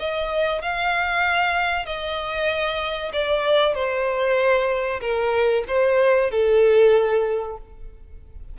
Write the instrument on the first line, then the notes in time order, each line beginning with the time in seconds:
violin
0.00 D#5
0.62 F5
1.86 D#5
3.13 D5
3.74 C5
5.01 A#4
5.68 C5
6.31 A4